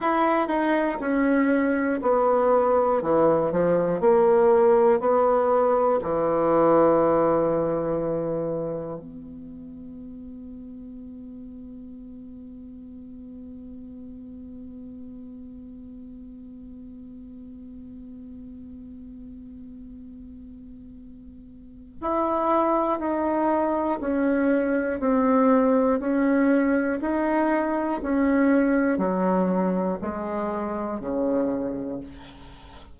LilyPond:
\new Staff \with { instrumentName = "bassoon" } { \time 4/4 \tempo 4 = 60 e'8 dis'8 cis'4 b4 e8 f8 | ais4 b4 e2~ | e4 b2.~ | b1~ |
b1~ | b2 e'4 dis'4 | cis'4 c'4 cis'4 dis'4 | cis'4 fis4 gis4 cis4 | }